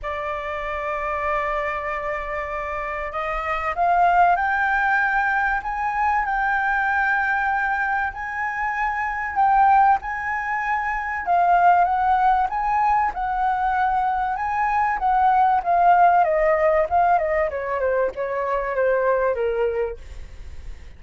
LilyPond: \new Staff \with { instrumentName = "flute" } { \time 4/4 \tempo 4 = 96 d''1~ | d''4 dis''4 f''4 g''4~ | g''4 gis''4 g''2~ | g''4 gis''2 g''4 |
gis''2 f''4 fis''4 | gis''4 fis''2 gis''4 | fis''4 f''4 dis''4 f''8 dis''8 | cis''8 c''8 cis''4 c''4 ais'4 | }